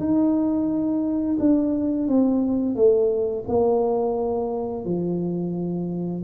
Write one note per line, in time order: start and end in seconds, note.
0.00 1.38 D#4
1.40 2.08 D4
2.08 2.76 C4
2.76 3.45 A3
3.49 4.86 A#3
4.86 6.24 F3